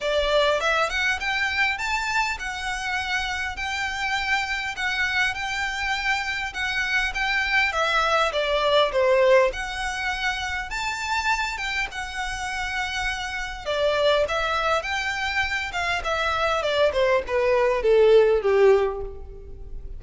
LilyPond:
\new Staff \with { instrumentName = "violin" } { \time 4/4 \tempo 4 = 101 d''4 e''8 fis''8 g''4 a''4 | fis''2 g''2 | fis''4 g''2 fis''4 | g''4 e''4 d''4 c''4 |
fis''2 a''4. g''8 | fis''2. d''4 | e''4 g''4. f''8 e''4 | d''8 c''8 b'4 a'4 g'4 | }